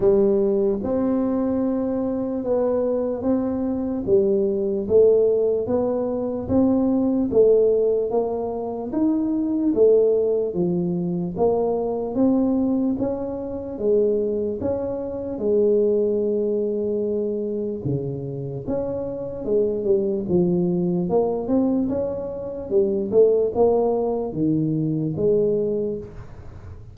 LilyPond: \new Staff \with { instrumentName = "tuba" } { \time 4/4 \tempo 4 = 74 g4 c'2 b4 | c'4 g4 a4 b4 | c'4 a4 ais4 dis'4 | a4 f4 ais4 c'4 |
cis'4 gis4 cis'4 gis4~ | gis2 cis4 cis'4 | gis8 g8 f4 ais8 c'8 cis'4 | g8 a8 ais4 dis4 gis4 | }